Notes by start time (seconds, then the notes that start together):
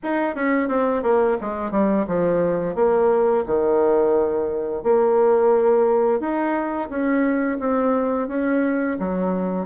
0.03 D#4
0.35 C#4
0.68 C4
1.03 A#3
1.40 G#3
1.71 G3
2.07 F3
2.75 A#3
3.46 D#3
4.83 A#3
6.19 D#4
6.89 C#4
7.59 C4
8.28 C#4
8.99 F#3